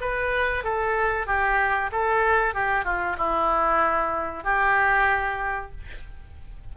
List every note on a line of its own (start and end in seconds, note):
0.00 0.64 B4
0.64 1.26 A4
1.26 1.90 G4
1.91 2.54 A4
2.54 2.84 G4
2.84 3.16 F4
3.17 4.43 E4
4.43 5.71 G4